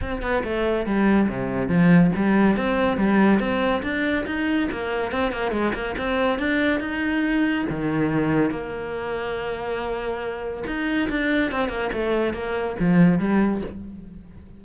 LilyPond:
\new Staff \with { instrumentName = "cello" } { \time 4/4 \tempo 4 = 141 c'8 b8 a4 g4 c4 | f4 g4 c'4 g4 | c'4 d'4 dis'4 ais4 | c'8 ais8 gis8 ais8 c'4 d'4 |
dis'2 dis2 | ais1~ | ais4 dis'4 d'4 c'8 ais8 | a4 ais4 f4 g4 | }